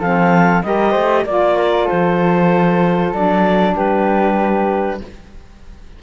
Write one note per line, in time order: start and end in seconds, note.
0.00 0.63 F3
0.00 0.64 C4
0.00 0.62 A4
0.00 0.63 F5
0.63 0.96 G3
0.63 1.27 G4
0.63 0.91 A#4
0.63 1.26 D#5
0.91 1.25 A3
0.91 1.23 C5
1.25 1.88 A#3
1.25 3.15 F4
1.25 1.57 D5
1.25 1.88 D5
1.57 1.85 A#4
1.85 3.72 A4
1.85 3.13 C5
1.92 3.13 F3
3.13 3.75 F#3
3.13 5.03 D4
3.13 3.76 D5
3.76 5.01 G3
3.76 5.01 G4
3.76 5.02 B4